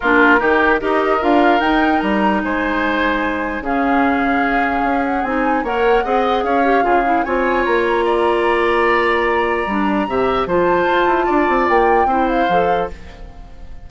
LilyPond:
<<
  \new Staff \with { instrumentName = "flute" } { \time 4/4 \tempo 4 = 149 ais'2 dis''4 f''4 | g''4 ais''4 gis''2~ | gis''4 f''2.~ | f''8 fis''8 gis''4 fis''2 |
f''2 gis''4 ais''4~ | ais''1~ | ais''2 a''2~ | a''4 g''4. f''4. | }
  \new Staff \with { instrumentName = "oboe" } { \time 4/4 f'4 g'4 ais'2~ | ais'2 c''2~ | c''4 gis'2.~ | gis'2 cis''4 dis''4 |
cis''4 gis'4 cis''2 | d''1~ | d''4 e''4 c''2 | d''2 c''2 | }
  \new Staff \with { instrumentName = "clarinet" } { \time 4/4 d'4 dis'4 g'4 f'4 | dis'1~ | dis'4 cis'2.~ | cis'4 dis'4 ais'4 gis'4~ |
gis'8 g'8 f'8 e'8 f'2~ | f'1 | d'4 g'4 f'2~ | f'2 e'4 a'4 | }
  \new Staff \with { instrumentName = "bassoon" } { \time 4/4 ais4 dis4 dis'4 d'4 | dis'4 g4 gis2~ | gis4 cis2. | cis'4 c'4 ais4 c'4 |
cis'4 cis4 c'4 ais4~ | ais1 | g4 c4 f4 f'8 e'8 | d'8 c'8 ais4 c'4 f4 | }
>>